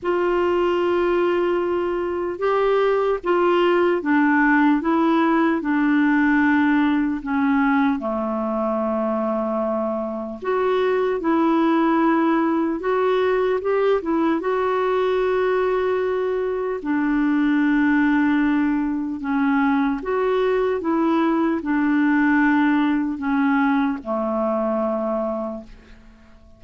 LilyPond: \new Staff \with { instrumentName = "clarinet" } { \time 4/4 \tempo 4 = 75 f'2. g'4 | f'4 d'4 e'4 d'4~ | d'4 cis'4 a2~ | a4 fis'4 e'2 |
fis'4 g'8 e'8 fis'2~ | fis'4 d'2. | cis'4 fis'4 e'4 d'4~ | d'4 cis'4 a2 | }